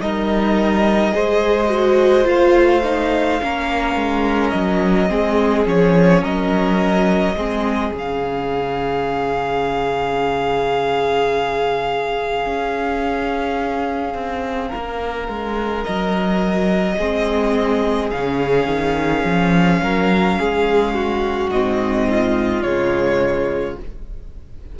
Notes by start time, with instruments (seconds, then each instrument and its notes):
0.00 cello G3, viola D#4, violin A#4 D#5
1.11 viola G#4, violin C5
1.17 cello G#3
1.68 viola F#4
2.24 cello A3, viola F4, violin F5
2.84 viola D#4
3.41 cello A#3, viola C#4, violin A#4
3.95 cello G#3
4.50 cello F#3, violin D#5
5.08 cello G#3, viola C4, violin G#4
5.65 cello F3, viola C#4, violin C#5
6.22 cello F#3, violin A#4 D#5
7.35 cello G#3, viola C4, violin G#4
7.91 cello C#3, viola C#4
7.98 violin F5
12.45 cello C#4
14.14 cello C4
14.68 violin A#4
14.75 cello A#3
15.28 cello G#3
15.84 cello F#3, violin D#5
16.98 cello G#3, viola C4, violin G#4
18.10 cello C#3, viola C#4, violin F5
18.66 cello D#3
19.24 cello F3
19.82 cello F#3, violin A#4
20.39 cello G#3, violin G#4
20.94 violin F#4
21.50 cello G#2, viola C4, violin D#5
22.09 violin F4
22.62 cello C#3, viola G#3, violin C#5